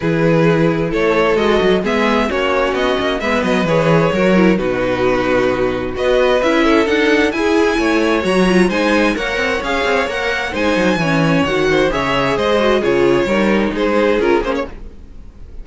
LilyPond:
<<
  \new Staff \with { instrumentName = "violin" } { \time 4/4 \tempo 4 = 131 b'2 cis''4 dis''4 | e''4 cis''4 dis''4 e''8 dis''8 | cis''2 b'2~ | b'4 dis''4 e''4 fis''4 |
gis''2 ais''4 gis''4 | fis''4 f''4 fis''4 gis''4~ | gis''4 fis''4 e''4 dis''4 | cis''2 c''4 ais'8 c''16 cis''16 | }
  \new Staff \with { instrumentName = "violin" } { \time 4/4 gis'2 a'2 | gis'4 fis'2 b'4~ | b'4 ais'4 fis'2~ | fis'4 b'4. a'4. |
gis'4 cis''2 c''4 | cis''2. c''4 | cis''4. c''8 cis''4 c''4 | gis'4 ais'4 gis'2 | }
  \new Staff \with { instrumentName = "viola" } { \time 4/4 e'2. fis'4 | b4 cis'2 b4 | gis'4 fis'8 e'8 dis'2~ | dis'4 fis'4 e'4 dis'4 |
e'2 fis'8 f'8 dis'4 | ais'4 gis'4 ais'4 dis'4 | cis'4 fis'4 gis'4. fis'8 | f'4 dis'2 f'8 cis'8 | }
  \new Staff \with { instrumentName = "cello" } { \time 4/4 e2 a4 gis8 fis8 | gis4 ais4 b8 ais8 gis8 fis8 | e4 fis4 b,2~ | b,4 b4 cis'4 d'4 |
e'4 a4 fis4 gis4 | ais8 c'8 cis'8 c'8 ais4 gis8 fis8 | e4 dis4 cis4 gis4 | cis4 g4 gis4 cis'8 ais8 | }
>>